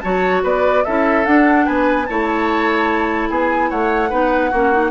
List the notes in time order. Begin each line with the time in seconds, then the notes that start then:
0.00 F#3 F#4 C#5 A5
0.43 B3 B4 D5
0.84 C#4 E4 A4 E5
1.25 D4 F#5
1.65 B3 B4 G#5
2.06 A3 E4 C#5 A5
3.29 B3 G#4 G#5
3.69 A3 C#5 F#5
4.09 B3 D#4 B4
4.50 A#3 C#4 F#4
4.72 D#4